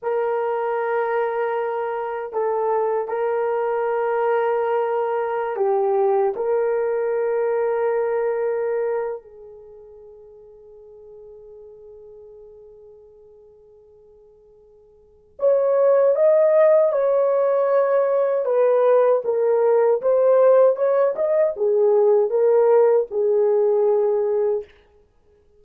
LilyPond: \new Staff \with { instrumentName = "horn" } { \time 4/4 \tempo 4 = 78 ais'2. a'4 | ais'2.~ ais'16 g'8.~ | g'16 ais'2.~ ais'8. | gis'1~ |
gis'1 | cis''4 dis''4 cis''2 | b'4 ais'4 c''4 cis''8 dis''8 | gis'4 ais'4 gis'2 | }